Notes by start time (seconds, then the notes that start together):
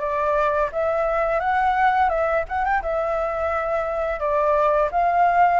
0.00 D5
0.72 E5
1.40 F#5
2.09 E5
2.49 F#5
2.64 G5
2.82 E5
4.20 D5
4.92 F5